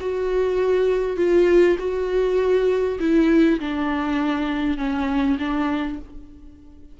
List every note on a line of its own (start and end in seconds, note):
0.00 1.16 F#4
1.16 1.76 F4
1.78 2.98 F#4
2.99 3.59 E4
3.60 4.77 D4
4.77 5.37 C#4
5.39 5.99 D4